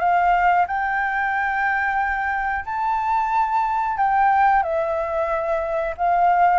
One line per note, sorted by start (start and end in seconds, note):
0.00 0.66 F5
0.67 2.65 G5
2.66 3.97 A5
3.97 4.63 G5
4.63 5.95 E5
5.98 6.60 F5